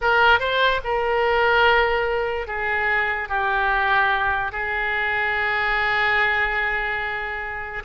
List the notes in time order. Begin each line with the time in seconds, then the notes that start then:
0.01 A#4
0.39 C5
0.84 A#4
2.47 G#4
3.28 G4
4.52 G#4